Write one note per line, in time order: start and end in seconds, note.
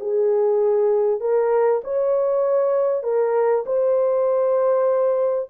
0.00 1.21 G#4
1.21 1.82 A#4
1.84 3.03 C#5
3.03 3.64 A#4
3.66 5.50 C5